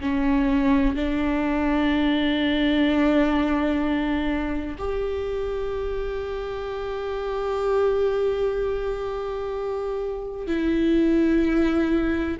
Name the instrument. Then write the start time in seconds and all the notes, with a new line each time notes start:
viola
0.00 C#4
0.95 D4
4.78 G4
10.46 E4